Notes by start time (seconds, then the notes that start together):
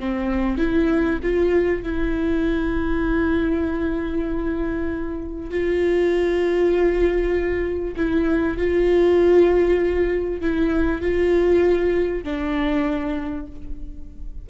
0.00 C4
0.58 E4
1.23 F4
1.83 E4
5.50 F4
7.96 E4
8.58 F4
10.41 E4
11.02 F4
12.24 D4